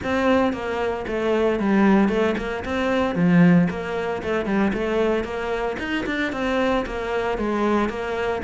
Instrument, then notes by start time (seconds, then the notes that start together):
cello
0.03 C4
0.53 A#3
1.07 A3
1.59 G3
2.09 A3
2.37 A#3
2.64 C4
3.15 F3
3.70 A#3
4.22 A3
4.45 G3
4.73 A3
5.24 A#3
5.78 D#4
6.06 D4
6.32 C4
6.86 A#3
7.38 G#3
7.89 A#3